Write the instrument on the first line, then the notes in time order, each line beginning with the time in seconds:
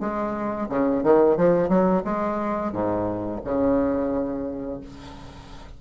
bassoon
0.00 G#3
0.69 C#3
1.04 D#3
1.37 F3
1.69 F#3
2.05 G#3
2.73 G#2
3.45 C#3